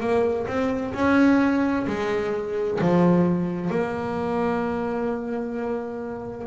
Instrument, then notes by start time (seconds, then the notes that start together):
double bass
0.00 A#3
0.47 C4
0.94 C#4
1.87 G#3
2.81 F3
3.70 A#3